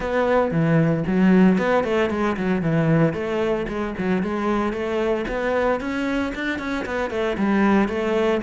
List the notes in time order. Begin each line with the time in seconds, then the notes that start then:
0.00 B3
0.51 E3
1.06 F#3
1.58 B3
1.83 A3
2.10 G#3
2.37 F#3
2.61 E3
3.13 A3
3.67 G#3
3.97 F#3
4.22 G#3
4.72 A3
5.28 B3
5.80 C#4
6.34 D4
6.59 C#4
6.85 B3
7.10 A3
7.37 G3
7.88 A3